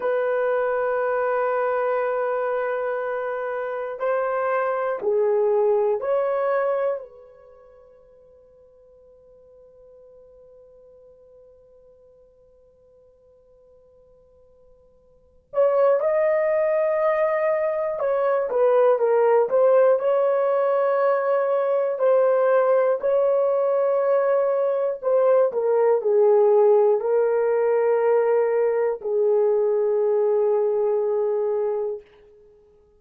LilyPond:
\new Staff \with { instrumentName = "horn" } { \time 4/4 \tempo 4 = 60 b'1 | c''4 gis'4 cis''4 b'4~ | b'1~ | b'2.~ b'8 cis''8 |
dis''2 cis''8 b'8 ais'8 c''8 | cis''2 c''4 cis''4~ | cis''4 c''8 ais'8 gis'4 ais'4~ | ais'4 gis'2. | }